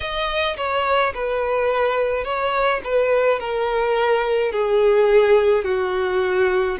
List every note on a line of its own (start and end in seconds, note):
0.00 0.56 D#5
0.57 1.13 C#5
1.13 2.24 B4
2.24 2.80 C#5
2.84 3.40 B4
3.40 4.51 A#4
4.51 5.64 G#4
5.64 6.77 F#4